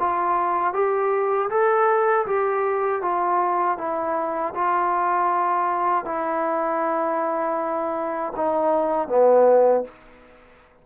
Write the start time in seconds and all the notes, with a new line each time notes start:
0.00 F4
0.74 G4
1.51 A4
2.27 G4
3.02 F4
3.78 E4
4.55 F4
6.06 E4
8.37 D#4
9.09 B3